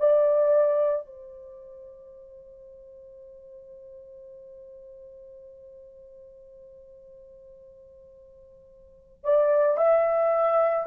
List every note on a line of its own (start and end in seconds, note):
0.00 1.07 D5
1.07 9.24 C5
9.24 9.77 D5
9.77 10.86 E5